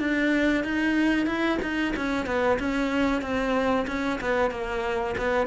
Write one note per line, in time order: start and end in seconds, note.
0.00 0.65 D4
0.65 1.27 D#4
1.27 1.59 E4
1.62 1.94 D#4
1.97 2.27 C#4
2.27 2.59 B3
2.60 3.22 C#4
3.22 3.87 C4
3.88 4.20 C#4
4.21 4.51 B3
4.51 5.16 A#3
5.18 5.47 B3